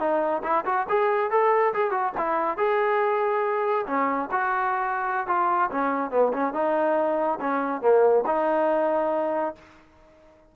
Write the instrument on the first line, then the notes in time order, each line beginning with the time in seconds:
trombone
0.00 D#4
0.44 E4
0.66 F#4
0.89 G#4
1.31 A4
1.74 G#4
1.91 F#4
2.18 E4
2.58 G#4
3.87 C#4
4.32 F#4
5.28 F4
5.72 C#4
6.11 B3
6.33 C#4
6.54 D#4
7.41 C#4
7.82 A#3
8.27 D#4